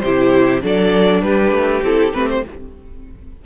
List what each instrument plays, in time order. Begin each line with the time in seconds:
0.00 cello C3, viola E4, violin G4 C5
0.62 cello F#3, viola D4, violin A4 D5
1.22 cello G3, violin G4 B4
1.52 cello A3
1.82 cello C4, viola E4, violin A4
2.13 cello A3, viola C4, violin B4
2.30 violin C5